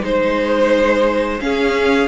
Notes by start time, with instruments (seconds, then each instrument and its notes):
0.00 cello G#3, viola D#4, violin C5
1.40 viola C#4, cello C#4, violin G#4 F5